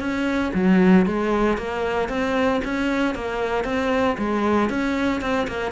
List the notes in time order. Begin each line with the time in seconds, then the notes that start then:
0.00 C#4
0.54 F#3
1.06 G#3
1.58 A#3
2.09 C4
2.65 C#4
3.15 A#3
3.65 C4
4.18 G#3
4.70 C#4
5.22 C4
5.48 A#3